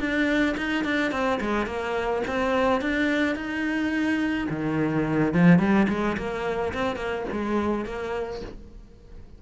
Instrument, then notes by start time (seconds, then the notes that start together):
cello
0.00 D4
0.58 D#4
0.85 D4
1.12 C4
1.41 G#3
1.66 A#3
2.28 C4
2.82 D4
3.36 D#4
4.50 D#3
5.34 F3
5.59 G3
5.89 G#3
6.18 A#3
6.74 C4
6.97 A#3
7.32 G#3
7.85 A#3